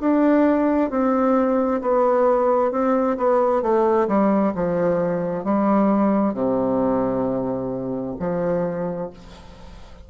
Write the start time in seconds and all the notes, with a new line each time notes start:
0.00 D4
0.90 C4
1.81 B3
2.71 C4
3.17 B3
3.62 A3
4.07 G3
4.55 F3
5.44 G3
6.33 C3
8.19 F3